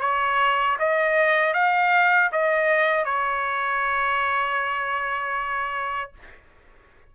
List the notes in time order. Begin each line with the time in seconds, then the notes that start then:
0.00 C#5
0.79 D#5
1.53 F5
2.32 D#5
3.05 C#5